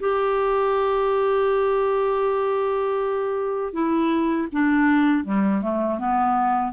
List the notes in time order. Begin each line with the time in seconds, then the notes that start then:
0.00 G4
3.73 E4
4.52 D4
5.25 G3
5.62 A3
5.99 B3